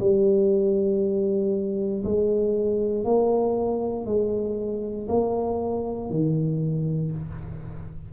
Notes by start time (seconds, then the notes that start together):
0.00 G3
2.04 G#3
3.04 A#3
4.05 G#3
5.08 A#3
6.10 D#3